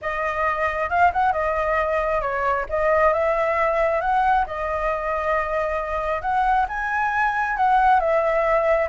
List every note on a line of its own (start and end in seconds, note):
0.01 0.89 D#5
0.89 1.11 F5
1.12 1.32 F#5
1.32 2.21 D#5
2.21 2.65 C#5
2.69 3.13 D#5
3.13 4.01 E5
4.01 4.45 F#5
4.46 6.21 D#5
6.21 6.66 F#5
6.68 7.56 G#5
7.56 8.00 F#5
8.00 8.88 E5